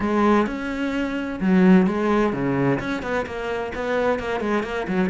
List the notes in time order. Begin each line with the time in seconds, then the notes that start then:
0.00 G#3
0.46 C#4
1.40 F#3
1.86 G#3
2.33 C#3
2.79 C#4
3.02 B3
3.26 A#3
3.74 B3
4.19 A#3
4.40 G#3
4.63 A#3
4.87 F#3